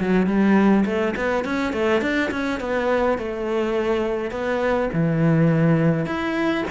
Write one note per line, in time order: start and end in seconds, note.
0.00 0.26 F#3
0.26 0.84 G3
0.85 1.14 A3
1.16 1.45 B3
1.45 1.73 C#4
1.73 2.01 A3
2.01 2.30 D4
2.31 2.60 C#4
2.60 3.18 B3
3.18 4.31 A3
4.31 4.89 B3
4.92 6.06 E3
6.06 6.64 E4